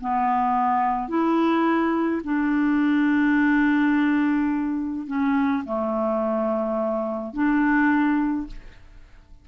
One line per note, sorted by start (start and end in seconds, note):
0.00 1.08 B3
1.08 2.21 E4
2.24 5.07 D4
5.07 5.63 C#4
5.65 7.33 A3
7.33 8.46 D4